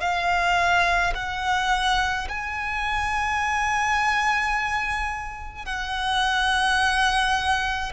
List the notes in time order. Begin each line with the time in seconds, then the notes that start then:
0.00 F5
1.14 F#5
2.28 G#5
5.66 F#5